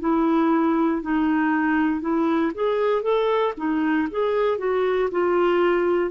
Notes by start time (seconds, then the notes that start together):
0.00 E4
1.02 D#4
2.01 E4
2.54 G#4
3.02 A4
3.57 D#4
4.10 G#4
4.58 F#4
5.11 F4